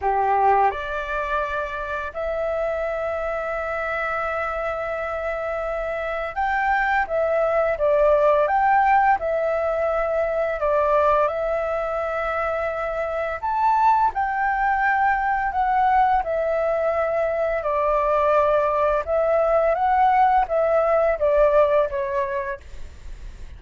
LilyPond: \new Staff \with { instrumentName = "flute" } { \time 4/4 \tempo 4 = 85 g'4 d''2 e''4~ | e''1~ | e''4 g''4 e''4 d''4 | g''4 e''2 d''4 |
e''2. a''4 | g''2 fis''4 e''4~ | e''4 d''2 e''4 | fis''4 e''4 d''4 cis''4 | }